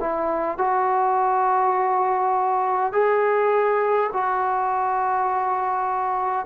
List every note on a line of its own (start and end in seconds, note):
0.00 0.58 E4
0.58 2.93 F#4
2.93 4.10 G#4
4.13 6.45 F#4